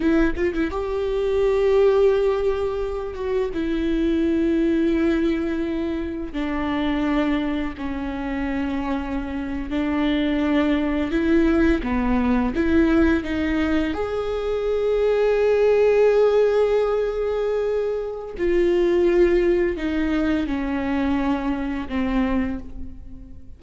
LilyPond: \new Staff \with { instrumentName = "viola" } { \time 4/4 \tempo 4 = 85 e'8 f'16 e'16 g'2.~ | g'8 fis'8 e'2.~ | e'4 d'2 cis'4~ | cis'4.~ cis'16 d'2 e'16~ |
e'8. b4 e'4 dis'4 gis'16~ | gis'1~ | gis'2 f'2 | dis'4 cis'2 c'4 | }